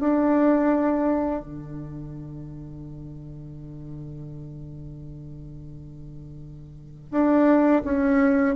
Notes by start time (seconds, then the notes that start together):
0.00 D4
1.41 D3
7.11 D4
7.84 C#4